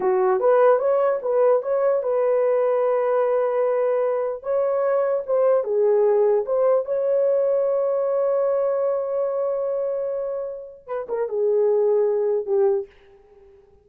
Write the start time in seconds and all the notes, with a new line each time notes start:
0.00 F#4
0.39 B4
0.79 C#5
1.22 B4
1.62 C#5
2.02 B4
4.42 C#5
5.26 C5
5.64 G#4
6.45 C5
6.85 C#5
10.87 B4
11.08 A#4
11.28 G#4
12.46 G4